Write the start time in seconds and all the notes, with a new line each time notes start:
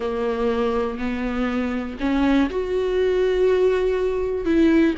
0.00 A#3
0.98 B3
2.00 C#4
2.50 F#4
4.45 E4